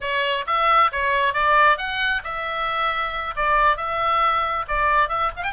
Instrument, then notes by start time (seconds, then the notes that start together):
oboe
0.00 C#5
0.46 E5
0.92 C#5
1.33 D5
1.77 F#5
2.23 E5
3.36 D5
3.76 E5
4.67 D5
5.08 E5
5.36 F5
5.43 G5